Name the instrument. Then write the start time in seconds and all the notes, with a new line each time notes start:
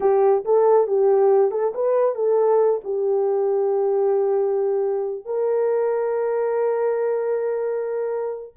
horn
0.00 G4
0.44 A4
0.87 G4
1.51 A4
1.74 B4
2.15 A4
2.84 G4
5.25 A#4